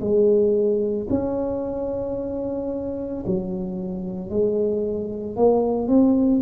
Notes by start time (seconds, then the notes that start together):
0.00 G#3
1.10 C#4
3.26 F#3
4.29 G#3
5.36 A#3
5.87 C4